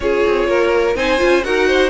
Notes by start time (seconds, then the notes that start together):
0.00 C#4 F4 G#4 C#5
0.27 C4
0.47 A#3 A#4
0.95 C4 D#4 C5 G#5
1.18 C#4 F4
1.43 D#4 F#4 A#4 F#5
1.67 C5